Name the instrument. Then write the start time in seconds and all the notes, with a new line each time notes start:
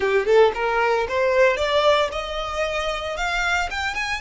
violin
0.00 G4
0.25 A4
0.54 A#4
1.08 C5
1.56 D5
2.12 D#5
3.16 F5
3.70 G5
3.94 G#5